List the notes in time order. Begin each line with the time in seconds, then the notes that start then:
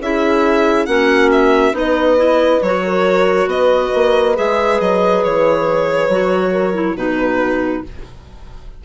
0.00 C#4 E4 G#4 E5
0.86 A#3 C#4 F#4 F#5
1.32 E5
1.73 B3 D#4 B4 D#5
2.17 E4
2.62 F#3 F#4 C#5
2.84 A#4
3.46 B3 B4 D#5
3.94 A#3
4.36 G#3 G#4 E5
4.80 F#3 D#5
5.23 E3 C#5
6.09 F#3 F#4
6.52 A#4
6.74 E4
6.95 B2 D#4 F#4 B4